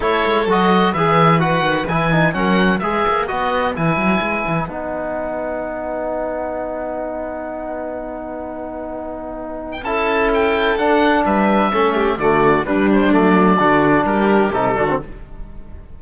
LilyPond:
<<
  \new Staff \with { instrumentName = "oboe" } { \time 4/4 \tempo 4 = 128 cis''4 dis''4 e''4 fis''4 | gis''4 fis''4 e''4 dis''4 | gis''2 fis''2~ | fis''1~ |
fis''1~ | fis''8. g''16 a''4 g''4 fis''4 | e''2 d''4 b'8 c''8 | d''2 ais'4 a'4 | }
  \new Staff \with { instrumentName = "violin" } { \time 4/4 a'2 b'2~ | b'4 ais'4 b'2~ | b'1~ | b'1~ |
b'1~ | b'4 a'2. | b'4 a'8 g'8 fis'4 d'4~ | d'4 fis'4 g'4. fis'8 | }
  \new Staff \with { instrumentName = "trombone" } { \time 4/4 e'4 fis'4 gis'4 fis'4 | e'8 dis'8 cis'4 gis'4 fis'4 | e'2 dis'2~ | dis'1~ |
dis'1~ | dis'4 e'2 d'4~ | d'4 cis'4 a4 g4 | a4 d'2 dis'8 d'16 c'16 | }
  \new Staff \with { instrumentName = "cello" } { \time 4/4 a8 gis8 fis4 e4. dis8 | e4 fis4 gis8 ais8 b4 | e8 fis8 gis8 e8 b2~ | b1~ |
b1~ | b4 cis'2 d'4 | g4 a4 d4 g4 | fis4 d4 g4 c8 d8 | }
>>